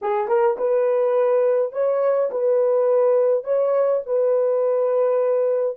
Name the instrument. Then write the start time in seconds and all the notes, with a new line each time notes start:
horn
0.01 G#4
0.27 A#4
0.57 B4
1.72 C#5
2.30 B4
3.44 C#5
4.05 B4